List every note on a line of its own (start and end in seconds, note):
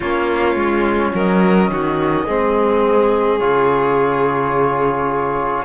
0.00 0.55 A#3
0.00 2.28 C#4
0.00 1.12 F4
0.00 1.12 C#5
0.55 1.12 G#3
1.14 1.70 F#3
1.14 1.70 A#4
1.14 3.38 D#5
1.70 2.26 D#3
1.70 2.26 F#4
2.26 3.40 G#3
2.26 3.39 C4
2.26 5.64 G#4
3.38 5.64 C#3
3.38 5.64 F4
3.38 5.64 C#5